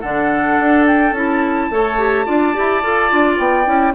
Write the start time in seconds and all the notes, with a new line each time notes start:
0.00 D3 D4 A4 F#5
0.60 D4
0.87 G5
1.12 C#4 E4 A5
1.70 A3 A4 C#5
1.98 G4
2.25 D4 F4 D5
2.54 E4 G4
2.83 F4 A4
3.10 D4 F4
3.38 B3 G5
3.65 C#4 E4